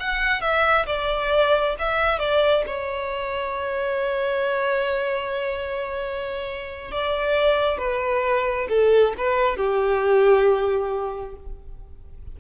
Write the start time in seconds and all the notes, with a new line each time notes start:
0.00 F#5
0.41 E5
0.87 D5
1.79 E5
2.19 D5
2.67 C#5
6.92 D5
7.78 B4
8.69 A4
9.18 B4
9.57 G4